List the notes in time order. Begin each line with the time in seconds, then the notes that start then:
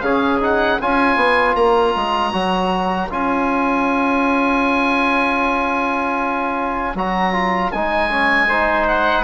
0.00 C#3 C#4 G#4 F5
0.40 D#4 F#5
0.81 C#4 F4 C#5 G#5
1.16 B3
1.55 A#3 A#5
1.95 G#3
2.32 F#3 F#4
3.10 C#4 F4 G#5
6.94 F#3 F#4 A#5
7.33 F4
7.72 G#3 D#4 G#5
8.09 C#4
8.48 D#4 C5
8.87 F#5